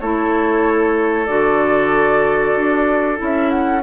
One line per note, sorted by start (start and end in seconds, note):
0.00 1.28 A3
0.00 1.28 E4
0.00 3.83 A4
0.00 1.26 C#5
1.26 2.56 D3
1.26 3.17 F#4
1.26 3.18 D5
2.56 3.20 D4
3.17 3.83 C#4
3.17 3.81 E4
3.24 3.51 E5
3.51 3.82 F#5